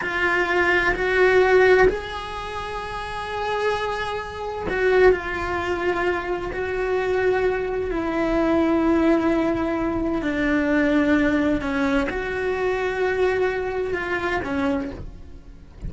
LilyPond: \new Staff \with { instrumentName = "cello" } { \time 4/4 \tempo 4 = 129 f'2 fis'2 | gis'1~ | gis'2 fis'4 f'4~ | f'2 fis'2~ |
fis'4 e'2.~ | e'2 d'2~ | d'4 cis'4 fis'2~ | fis'2 f'4 cis'4 | }